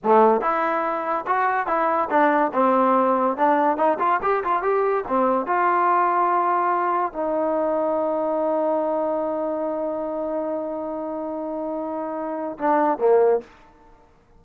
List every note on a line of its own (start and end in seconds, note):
0.03 0.41 A3
0.41 1.25 E4
1.26 1.66 F#4
1.66 2.08 E4
2.10 2.52 D4
2.53 3.36 C4
3.36 3.77 D4
3.77 3.98 D#4
3.99 4.20 F4
4.22 4.43 G4
4.44 4.62 F4
4.62 5.04 G4
5.07 5.46 C4
5.46 7.12 F4
7.12 12.58 D#4
12.58 12.98 D4
12.98 13.40 A#3